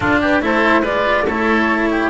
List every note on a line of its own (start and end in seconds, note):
0.00 0.40 D4
0.00 0.41 D4
0.00 0.20 F4
0.00 0.20 A4
0.20 0.41 G4
0.20 0.43 B4
0.40 0.81 A3
0.40 0.83 E4
0.40 0.82 A4
0.40 0.84 C5
0.81 1.23 G#3
0.81 1.26 F4
0.81 1.24 B4
0.81 1.26 D5
1.26 2.09 A3
1.26 2.09 E4
1.26 1.89 A4
1.26 2.09 C#5
1.90 2.09 G4